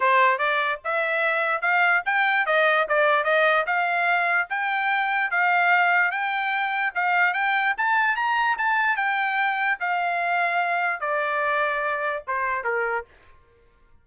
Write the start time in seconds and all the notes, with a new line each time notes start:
0.00 C5
0.38 D5
0.84 E5
1.61 F5
2.05 G5
2.46 D#5
2.88 D5
3.24 D#5
3.66 F5
4.49 G5
5.30 F5
6.11 G5
6.94 F5
7.33 G5
7.77 A5
8.16 A#5
8.58 A5
8.96 G5
9.80 F5
11.00 D5
12.27 C5
12.63 A#4